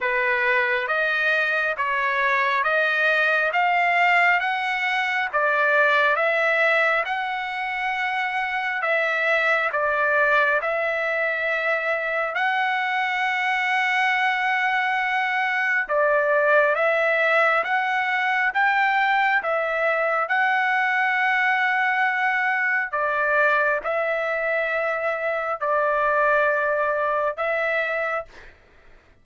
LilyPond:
\new Staff \with { instrumentName = "trumpet" } { \time 4/4 \tempo 4 = 68 b'4 dis''4 cis''4 dis''4 | f''4 fis''4 d''4 e''4 | fis''2 e''4 d''4 | e''2 fis''2~ |
fis''2 d''4 e''4 | fis''4 g''4 e''4 fis''4~ | fis''2 d''4 e''4~ | e''4 d''2 e''4 | }